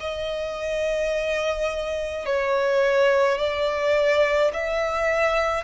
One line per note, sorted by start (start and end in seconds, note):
0.00 2.25 D#5
2.25 3.38 C#5
3.38 4.51 D5
4.53 5.64 E5